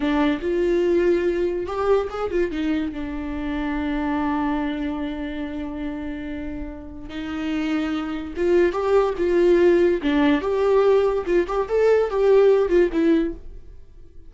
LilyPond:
\new Staff \with { instrumentName = "viola" } { \time 4/4 \tempo 4 = 144 d'4 f'2. | g'4 gis'8 f'8 dis'4 d'4~ | d'1~ | d'1~ |
d'4 dis'2. | f'4 g'4 f'2 | d'4 g'2 f'8 g'8 | a'4 g'4. f'8 e'4 | }